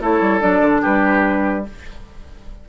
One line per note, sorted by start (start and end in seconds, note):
0.00 0.20 A3
0.00 0.40 E4
0.00 0.81 A4
0.00 0.41 C#5
0.20 0.41 G3
0.40 0.60 F#3
0.40 1.64 D4
0.40 0.82 D5
0.60 0.81 D3
0.81 1.68 G3
0.81 1.64 G4
0.81 1.65 B4